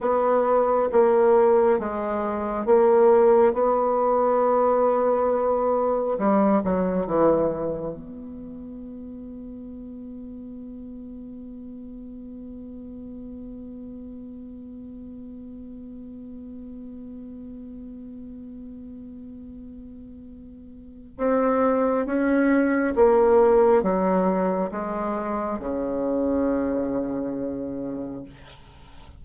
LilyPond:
\new Staff \with { instrumentName = "bassoon" } { \time 4/4 \tempo 4 = 68 b4 ais4 gis4 ais4 | b2. g8 fis8 | e4 b2.~ | b1~ |
b1~ | b1 | c'4 cis'4 ais4 fis4 | gis4 cis2. | }